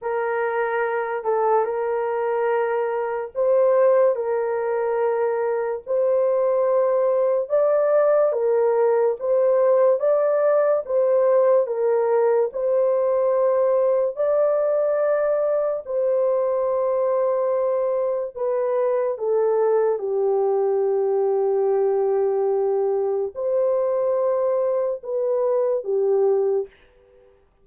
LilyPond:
\new Staff \with { instrumentName = "horn" } { \time 4/4 \tempo 4 = 72 ais'4. a'8 ais'2 | c''4 ais'2 c''4~ | c''4 d''4 ais'4 c''4 | d''4 c''4 ais'4 c''4~ |
c''4 d''2 c''4~ | c''2 b'4 a'4 | g'1 | c''2 b'4 g'4 | }